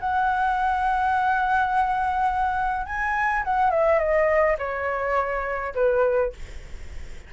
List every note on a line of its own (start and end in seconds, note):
0.00 2.86 F#5
2.86 3.44 G#5
3.44 3.70 F#5
3.70 3.99 E5
3.99 4.57 D#5
4.58 5.74 C#5
5.75 6.33 B4